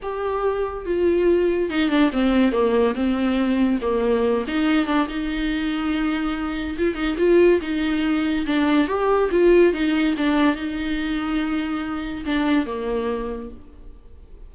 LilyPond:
\new Staff \with { instrumentName = "viola" } { \time 4/4 \tempo 4 = 142 g'2 f'2 | dis'8 d'8 c'4 ais4 c'4~ | c'4 ais4. dis'4 d'8 | dis'1 |
f'8 dis'8 f'4 dis'2 | d'4 g'4 f'4 dis'4 | d'4 dis'2.~ | dis'4 d'4 ais2 | }